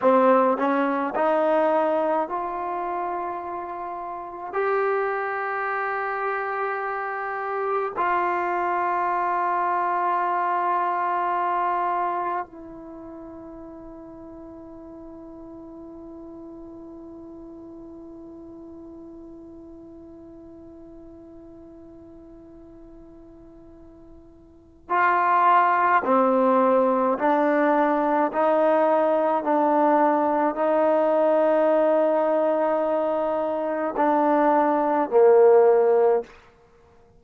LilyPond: \new Staff \with { instrumentName = "trombone" } { \time 4/4 \tempo 4 = 53 c'8 cis'8 dis'4 f'2 | g'2. f'4~ | f'2. e'4~ | e'1~ |
e'1~ | e'2 f'4 c'4 | d'4 dis'4 d'4 dis'4~ | dis'2 d'4 ais4 | }